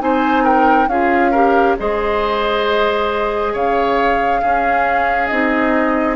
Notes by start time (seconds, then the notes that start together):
0.00 C4 D#4 C5 G#5
0.44 A#4 G5
0.87 C#4 F4 G#4 F5
1.32 G4 A#4
1.79 G#3 G#4 C5 D#5
3.53 C#3 C#5 F5
4.42 C#4 G#4
5.28 C4 D#4 D#5